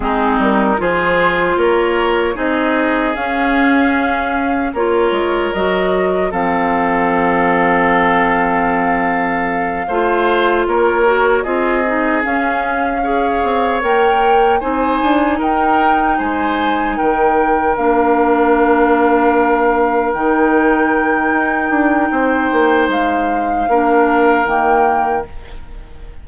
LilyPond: <<
  \new Staff \with { instrumentName = "flute" } { \time 4/4 \tempo 4 = 76 gis'8 ais'8 c''4 cis''4 dis''4 | f''2 cis''4 dis''4 | f''1~ | f''4. cis''4 dis''4 f''8~ |
f''4. g''4 gis''4 g''8~ | g''8 gis''4 g''4 f''4.~ | f''4. g''2~ g''8~ | g''4 f''2 g''4 | }
  \new Staff \with { instrumentName = "oboe" } { \time 4/4 dis'4 gis'4 ais'4 gis'4~ | gis'2 ais'2 | a'1~ | a'8 c''4 ais'4 gis'4.~ |
gis'8 cis''2 c''4 ais'8~ | ais'8 c''4 ais'2~ ais'8~ | ais'1 | c''2 ais'2 | }
  \new Staff \with { instrumentName = "clarinet" } { \time 4/4 c'4 f'2 dis'4 | cis'2 f'4 fis'4 | c'1~ | c'8 f'4. fis'8 f'8 dis'8 cis'8~ |
cis'8 gis'4 ais'4 dis'4.~ | dis'2~ dis'8 d'4.~ | d'4. dis'2~ dis'8~ | dis'2 d'4 ais4 | }
  \new Staff \with { instrumentName = "bassoon" } { \time 4/4 gis8 g8 f4 ais4 c'4 | cis'2 ais8 gis8 fis4 | f1~ | f8 a4 ais4 c'4 cis'8~ |
cis'4 c'8 ais4 c'8 d'8 dis'8~ | dis'8 gis4 dis4 ais4.~ | ais4. dis4. dis'8 d'8 | c'8 ais8 gis4 ais4 dis4 | }
>>